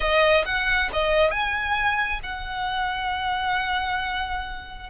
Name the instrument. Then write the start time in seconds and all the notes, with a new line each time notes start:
violin
0.00 D#5
0.45 F#5
0.93 D#5
1.31 G#5
2.23 F#5